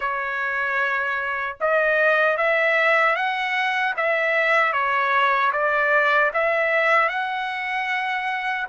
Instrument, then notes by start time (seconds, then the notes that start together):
trumpet
0.00 C#5
1.60 D#5
2.37 E5
3.15 F#5
3.97 E5
4.72 C#5
5.52 D5
6.33 E5
7.08 F#5